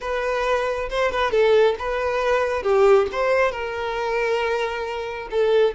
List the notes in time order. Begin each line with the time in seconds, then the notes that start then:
0.00 B4
0.89 C5
1.11 B4
1.31 A4
1.78 B4
2.62 G4
3.11 C5
3.51 A#4
5.30 A4